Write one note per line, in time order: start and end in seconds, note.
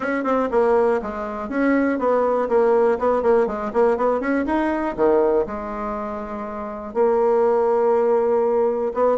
0.00 0.24 C#4
0.24 0.48 C4
0.51 1.00 A#3
1.02 1.49 G#3
1.49 1.98 C#4
1.98 2.48 B3
2.48 2.98 A#3
2.99 3.22 B3
3.22 3.46 A#3
3.46 3.71 G#3
3.73 3.97 A#3
3.97 4.20 B3
4.20 4.45 C#4
4.46 4.95 D#4
4.96 5.46 D#3
5.46 6.94 G#3
6.94 8.92 A#3
8.94 9.17 B3